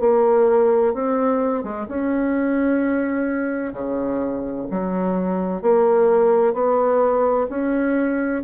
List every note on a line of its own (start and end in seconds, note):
0.00 0.94 A#3
0.94 1.64 C4
1.64 1.87 G#3
1.88 3.73 C#4
3.73 4.67 C#3
4.71 5.62 F#3
5.62 6.54 A#3
6.54 7.47 B3
7.50 8.43 C#4